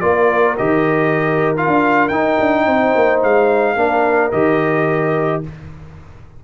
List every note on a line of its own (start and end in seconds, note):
0.00 0.59 A#3
0.00 0.57 F4
0.00 2.65 A#4
0.00 0.56 D5
0.57 1.68 D#3
0.57 1.56 G4
0.57 1.55 D#5
1.56 2.11 F4
1.56 2.08 F5
1.68 2.09 D4
2.08 2.38 D#4
2.08 3.76 D#4
2.08 3.19 G5
2.39 2.66 D4
2.66 2.94 C4
2.66 3.75 C5
2.95 3.23 A#3
3.23 3.75 G#3
3.23 4.31 F5
3.75 4.31 A#3
3.75 4.32 D4
3.75 5.42 A#4
4.31 5.44 D#3
4.31 5.43 G4
4.31 5.43 D#5